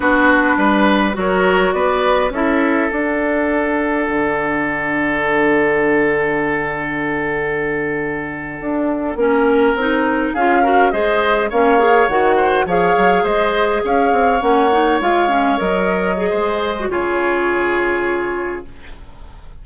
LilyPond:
<<
  \new Staff \with { instrumentName = "flute" } { \time 4/4 \tempo 4 = 103 b'2 cis''4 d''4 | e''4 fis''2.~ | fis''1~ | fis''1~ |
fis''4.~ fis''16 f''4 dis''4 f''16~ | f''8. fis''4 f''4 dis''4 f''16~ | f''8. fis''4 f''4 dis''4~ dis''16~ | dis''4 cis''2. | }
  \new Staff \with { instrumentName = "oboe" } { \time 4/4 fis'4 b'4 ais'4 b'4 | a'1~ | a'1~ | a'2.~ a'8. ais'16~ |
ais'4.~ ais'16 gis'8 ais'8 c''4 cis''16~ | cis''4~ cis''16 c''8 cis''4 c''4 cis''16~ | cis''1 | c''4 gis'2. | }
  \new Staff \with { instrumentName = "clarinet" } { \time 4/4 d'2 fis'2 | e'4 d'2.~ | d'1~ | d'2.~ d'8. cis'16~ |
cis'8. dis'4 f'8 fis'8 gis'4 cis'16~ | cis'16 gis'8 fis'4 gis'2~ gis'16~ | gis'8. cis'8 dis'8 f'8 cis'8 ais'4 gis'16~ | gis'8. fis'16 f'2. | }
  \new Staff \with { instrumentName = "bassoon" } { \time 4/4 b4 g4 fis4 b4 | cis'4 d'2 d4~ | d1~ | d2~ d8. d'4 ais16~ |
ais8. c'4 cis'4 gis4 ais16~ | ais8. dis4 f8 fis8 gis4 cis'16~ | cis'16 c'8 ais4 gis4 fis4~ fis16 | gis4 cis2. | }
>>